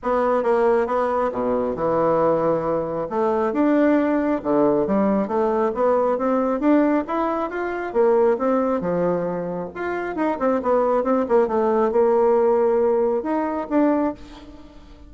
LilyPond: \new Staff \with { instrumentName = "bassoon" } { \time 4/4 \tempo 4 = 136 b4 ais4 b4 b,4 | e2. a4 | d'2 d4 g4 | a4 b4 c'4 d'4 |
e'4 f'4 ais4 c'4 | f2 f'4 dis'8 c'8 | b4 c'8 ais8 a4 ais4~ | ais2 dis'4 d'4 | }